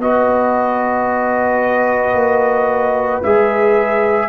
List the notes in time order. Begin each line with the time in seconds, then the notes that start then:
0.00 B3 F#4 B4 D#5
2.14 A#3
3.23 G#3 G#4 E5